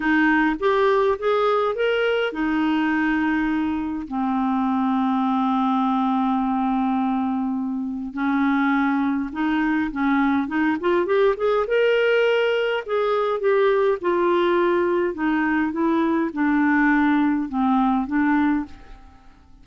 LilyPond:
\new Staff \with { instrumentName = "clarinet" } { \time 4/4 \tempo 4 = 103 dis'4 g'4 gis'4 ais'4 | dis'2. c'4~ | c'1~ | c'2 cis'2 |
dis'4 cis'4 dis'8 f'8 g'8 gis'8 | ais'2 gis'4 g'4 | f'2 dis'4 e'4 | d'2 c'4 d'4 | }